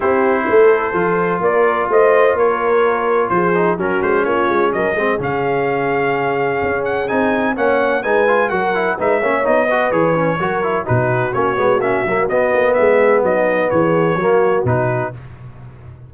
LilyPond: <<
  \new Staff \with { instrumentName = "trumpet" } { \time 4/4 \tempo 4 = 127 c''2. d''4 | dis''4 cis''2 c''4 | ais'8 c''8 cis''4 dis''4 f''4~ | f''2~ f''8 fis''8 gis''4 |
fis''4 gis''4 fis''4 e''4 | dis''4 cis''2 b'4 | cis''4 e''4 dis''4 e''4 | dis''4 cis''2 b'4 | }
  \new Staff \with { instrumentName = "horn" } { \time 4/4 g'4 a'2 ais'4 | c''4 ais'2 gis'4 | fis'4 f'4 ais'8 gis'4.~ | gis'1 |
cis''4 b'4 ais'4 b'8 cis''8~ | cis''8 b'4. ais'4 fis'4~ | fis'2. gis'4 | dis'4 gis'4 fis'2 | }
  \new Staff \with { instrumentName = "trombone" } { \time 4/4 e'2 f'2~ | f'2.~ f'8 dis'8 | cis'2~ cis'8 c'8 cis'4~ | cis'2. dis'4 |
cis'4 dis'8 f'8 fis'8 e'8 dis'8 cis'8 | dis'8 fis'8 gis'8 cis'8 fis'8 e'8 dis'4 | cis'8 b8 cis'8 ais8 b2~ | b2 ais4 dis'4 | }
  \new Staff \with { instrumentName = "tuba" } { \time 4/4 c'4 a4 f4 ais4 | a4 ais2 f4 | fis8 gis8 ais8 gis8 fis8 gis8 cis4~ | cis2 cis'4 c'4 |
ais4 gis4 fis4 gis8 ais8 | b4 e4 fis4 b,4 | ais8 gis8 ais8 fis8 b8 ais8 gis4 | fis4 e4 fis4 b,4 | }
>>